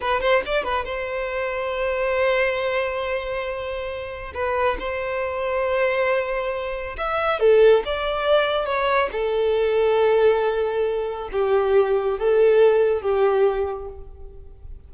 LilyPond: \new Staff \with { instrumentName = "violin" } { \time 4/4 \tempo 4 = 138 b'8 c''8 d''8 b'8 c''2~ | c''1~ | c''2 b'4 c''4~ | c''1 |
e''4 a'4 d''2 | cis''4 a'2.~ | a'2 g'2 | a'2 g'2 | }